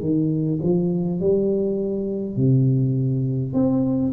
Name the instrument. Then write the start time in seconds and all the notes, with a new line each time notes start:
tuba
0.00 D#3
0.63 F3
1.20 G3
2.36 C3
3.53 C4